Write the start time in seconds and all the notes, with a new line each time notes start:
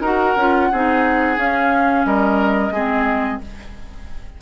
0.00 D#4 F#4 A#4 F#5
0.35 C#4 F4
0.71 C4 D#4 G#4
1.37 C#4 F5
2.05 G3 A#4 D#5
2.70 G#3 C4 G#4